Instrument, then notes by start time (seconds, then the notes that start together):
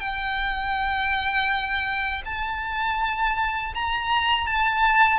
violin
0.00 G5
2.26 A5
3.74 A#5
4.47 A5